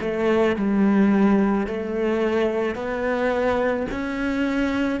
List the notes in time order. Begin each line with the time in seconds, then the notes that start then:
0.00 A3
0.56 G3
1.66 A3
2.75 B3
3.91 C#4